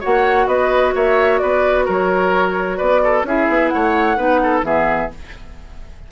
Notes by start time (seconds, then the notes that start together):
0.00 A#3 F#4 C#5 F#5
0.47 B3 B4 D#5
0.95 A#3 C#5 E5
1.38 B3 B4 D5
1.85 F#3 A#4 C#5
2.77 B3 B4 D5
3.03 A4
3.23 C#4 E4 G#4 E5
3.49 B3
3.69 A3 C#5 F#5
4.17 B3 D#4 B4
4.43 A4
4.62 E3 B3 G#4 E5